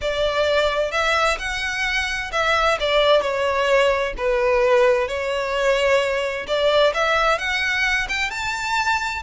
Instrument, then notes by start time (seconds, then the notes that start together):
violin
0.01 D5
0.91 E5
1.38 F#5
2.31 E5
2.80 D5
3.21 C#5
4.17 B4
5.07 C#5
6.47 D5
6.94 E5
7.38 F#5
8.08 G5
8.30 A5